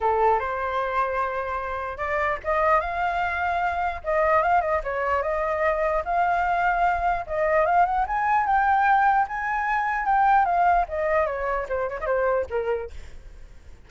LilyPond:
\new Staff \with { instrumentName = "flute" } { \time 4/4 \tempo 4 = 149 a'4 c''2.~ | c''4 d''4 dis''4 f''4~ | f''2 dis''4 f''8 dis''8 | cis''4 dis''2 f''4~ |
f''2 dis''4 f''8 fis''8 | gis''4 g''2 gis''4~ | gis''4 g''4 f''4 dis''4 | cis''4 c''8 cis''16 dis''16 c''4 ais'4 | }